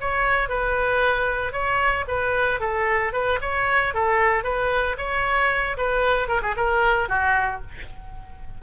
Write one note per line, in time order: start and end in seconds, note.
0.00 0.49 C#5
0.49 1.52 B4
1.52 2.05 C#5
2.07 2.60 B4
2.60 3.12 A4
3.13 3.39 B4
3.41 3.94 C#5
3.94 4.43 A4
4.43 4.96 B4
4.97 5.76 C#5
5.77 6.28 B4
6.28 6.41 A#4
6.42 6.55 G#4
6.56 7.08 A#4
7.08 7.61 F#4